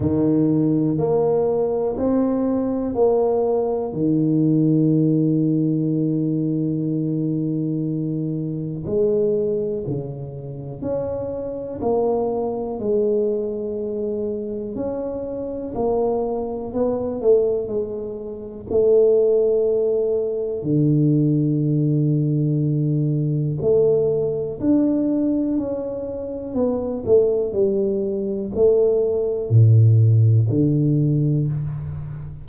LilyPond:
\new Staff \with { instrumentName = "tuba" } { \time 4/4 \tempo 4 = 61 dis4 ais4 c'4 ais4 | dis1~ | dis4 gis4 cis4 cis'4 | ais4 gis2 cis'4 |
ais4 b8 a8 gis4 a4~ | a4 d2. | a4 d'4 cis'4 b8 a8 | g4 a4 a,4 d4 | }